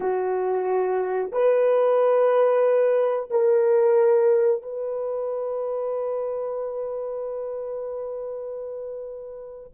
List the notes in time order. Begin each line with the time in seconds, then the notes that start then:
0.00 F#4
1.32 B4
3.30 A#4
4.62 B4